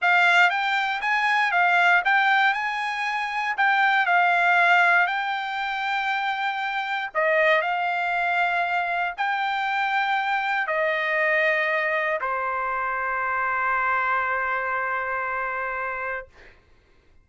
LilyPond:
\new Staff \with { instrumentName = "trumpet" } { \time 4/4 \tempo 4 = 118 f''4 g''4 gis''4 f''4 | g''4 gis''2 g''4 | f''2 g''2~ | g''2 dis''4 f''4~ |
f''2 g''2~ | g''4 dis''2. | c''1~ | c''1 | }